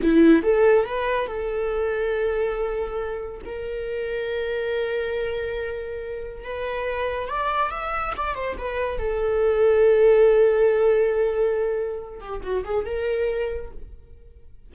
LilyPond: \new Staff \with { instrumentName = "viola" } { \time 4/4 \tempo 4 = 140 e'4 a'4 b'4 a'4~ | a'1 | ais'1~ | ais'2. b'4~ |
b'4 d''4 e''4 d''8 c''8 | b'4 a'2.~ | a'1~ | a'8 g'8 fis'8 gis'8 ais'2 | }